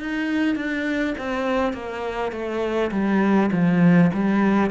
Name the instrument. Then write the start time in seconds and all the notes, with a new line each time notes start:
cello
0.00 D#4
0.56 D4
1.18 C4
1.73 A#3
2.32 A3
2.91 G3
3.52 F3
4.14 G3